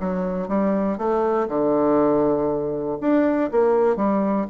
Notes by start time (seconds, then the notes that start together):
0.00 F#3
0.48 G3
0.98 A3
1.48 D3
3.00 D4
3.51 A#3
3.96 G3